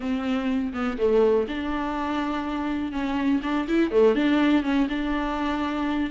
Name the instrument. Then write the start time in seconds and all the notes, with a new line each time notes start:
viola
0.00 C4
0.73 B3
0.98 A3
1.48 D4
2.92 C#4
3.43 D4
3.68 E4
3.91 A3
4.15 D4
4.63 C#4
4.89 D4